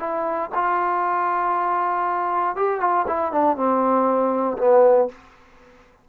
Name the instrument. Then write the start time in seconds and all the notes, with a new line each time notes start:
trombone
0.00 E4
0.55 F4
2.56 G4
2.81 F4
3.08 E4
3.32 D4
3.57 C4
4.58 B3